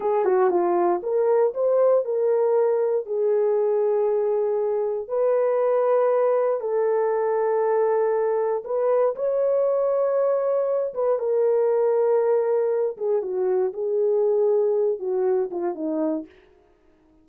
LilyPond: \new Staff \with { instrumentName = "horn" } { \time 4/4 \tempo 4 = 118 gis'8 fis'8 f'4 ais'4 c''4 | ais'2 gis'2~ | gis'2 b'2~ | b'4 a'2.~ |
a'4 b'4 cis''2~ | cis''4. b'8 ais'2~ | ais'4. gis'8 fis'4 gis'4~ | gis'4. fis'4 f'8 dis'4 | }